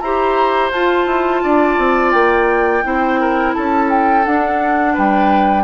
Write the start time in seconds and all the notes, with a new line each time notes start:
0.00 E4 G4 C5 A#5
0.71 F4 A5
1.06 E4
1.43 D4 D5
1.78 C4
2.11 A#3 G5
2.83 C4 E4 C5
3.20 A#4
3.54 C#4 A4 A5
3.90 G5
4.25 D4 F#5
4.94 G3 B4 G5